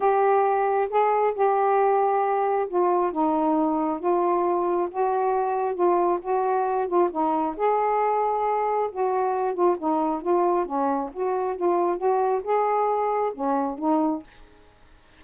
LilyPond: \new Staff \with { instrumentName = "saxophone" } { \time 4/4 \tempo 4 = 135 g'2 gis'4 g'4~ | g'2 f'4 dis'4~ | dis'4 f'2 fis'4~ | fis'4 f'4 fis'4. f'8 |
dis'4 gis'2. | fis'4. f'8 dis'4 f'4 | cis'4 fis'4 f'4 fis'4 | gis'2 cis'4 dis'4 | }